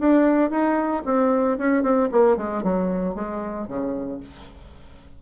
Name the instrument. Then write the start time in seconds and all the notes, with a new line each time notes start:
bassoon
0.00 D4
0.50 D#4
1.06 C4
1.58 C#4
1.83 C4
2.12 A#3
2.37 G#3
2.64 F#3
3.15 G#3
3.68 C#3